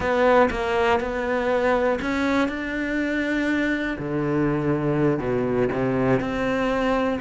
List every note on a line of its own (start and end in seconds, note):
0.00 0.49 B3
0.50 0.99 A#3
0.99 1.99 B3
2.01 2.48 C#4
2.48 3.97 D4
3.98 5.19 D3
5.19 5.68 B2
5.72 6.20 C3
6.20 7.19 C4